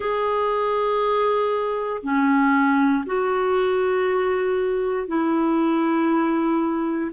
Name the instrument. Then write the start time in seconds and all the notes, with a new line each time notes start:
clarinet
0.00 G#4
2.02 C#4
3.06 F#4
5.07 E4